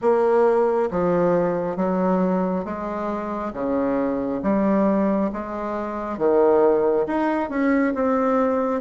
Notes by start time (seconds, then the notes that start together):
0.01 A#3
0.91 F3
1.76 F#3
2.64 G#3
3.53 C#3
4.42 G3
5.33 G#3
6.18 D#3
7.06 D#4
7.49 C#4
7.94 C4